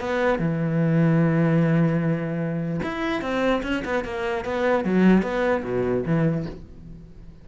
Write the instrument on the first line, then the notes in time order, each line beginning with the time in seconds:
cello
0.00 B3
0.39 E3
2.83 E4
3.22 C4
3.63 C#4
3.85 B3
4.05 A#3
4.45 B3
4.84 F#3
5.23 B3
5.64 B2
6.05 E3